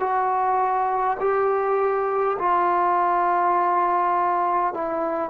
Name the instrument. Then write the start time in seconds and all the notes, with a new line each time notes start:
trombone
0.00 F#4
1.20 G4
2.39 F4
4.74 E4